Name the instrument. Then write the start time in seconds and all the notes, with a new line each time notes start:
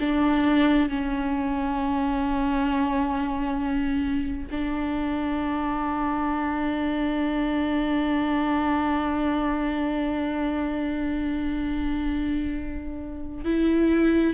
viola
0.00 D4
0.90 C#4
4.51 D4
13.45 E4